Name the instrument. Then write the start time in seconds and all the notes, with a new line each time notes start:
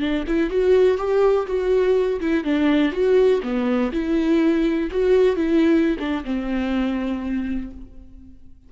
viola
0.00 D4
0.27 E4
0.50 F#4
0.98 G4
1.47 F#4
2.20 E4
2.44 D4
2.92 F#4
3.43 B3
3.92 E4
4.91 F#4
5.36 E4
5.99 D4
6.24 C4